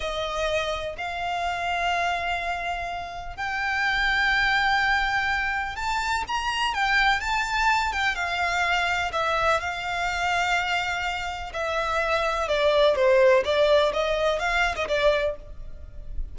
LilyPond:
\new Staff \with { instrumentName = "violin" } { \time 4/4 \tempo 4 = 125 dis''2 f''2~ | f''2. g''4~ | g''1 | a''4 ais''4 g''4 a''4~ |
a''8 g''8 f''2 e''4 | f''1 | e''2 d''4 c''4 | d''4 dis''4 f''8. dis''16 d''4 | }